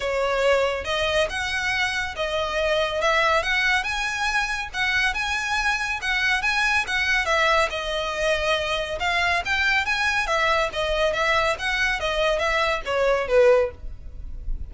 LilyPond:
\new Staff \with { instrumentName = "violin" } { \time 4/4 \tempo 4 = 140 cis''2 dis''4 fis''4~ | fis''4 dis''2 e''4 | fis''4 gis''2 fis''4 | gis''2 fis''4 gis''4 |
fis''4 e''4 dis''2~ | dis''4 f''4 g''4 gis''4 | e''4 dis''4 e''4 fis''4 | dis''4 e''4 cis''4 b'4 | }